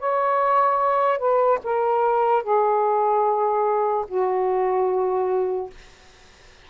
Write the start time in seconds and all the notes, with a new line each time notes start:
0.00 C#5
1.19 B4
1.64 A#4
2.44 G#4
4.08 F#4